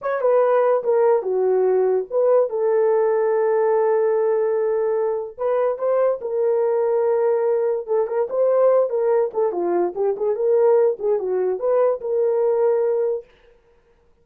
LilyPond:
\new Staff \with { instrumentName = "horn" } { \time 4/4 \tempo 4 = 145 cis''8 b'4. ais'4 fis'4~ | fis'4 b'4 a'2~ | a'1~ | a'4 b'4 c''4 ais'4~ |
ais'2. a'8 ais'8 | c''4. ais'4 a'8 f'4 | g'8 gis'8 ais'4. gis'8 fis'4 | b'4 ais'2. | }